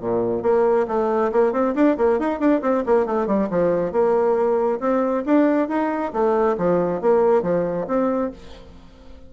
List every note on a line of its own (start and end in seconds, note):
0.00 0.42 A#2
0.42 0.86 A#3
0.88 1.31 A3
1.32 1.52 A#3
1.52 1.74 C4
1.75 1.97 D4
1.97 2.19 A#3
2.19 2.39 D#4
2.39 2.61 D4
2.61 2.83 C4
2.86 3.06 A#3
3.06 3.27 A3
3.27 3.49 G3
3.50 3.92 F3
3.92 4.79 A#3
4.80 5.24 C4
5.25 5.68 D4
5.68 6.12 D#4
6.13 6.56 A3
6.57 7.01 F3
7.01 7.42 A#3
7.42 7.86 F3
7.87 8.31 C4